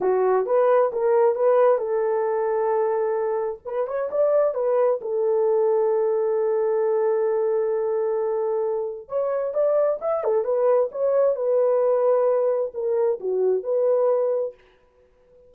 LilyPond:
\new Staff \with { instrumentName = "horn" } { \time 4/4 \tempo 4 = 132 fis'4 b'4 ais'4 b'4 | a'1 | b'8 cis''8 d''4 b'4 a'4~ | a'1~ |
a'1 | cis''4 d''4 e''8 a'8 b'4 | cis''4 b'2. | ais'4 fis'4 b'2 | }